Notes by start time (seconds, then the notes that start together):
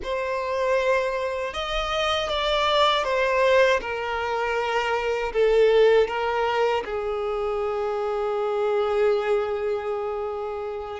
0.03 C5
1.53 D#5
2.29 D5
3.03 C5
3.80 A#4
5.32 A4
6.07 A#4
6.85 G#4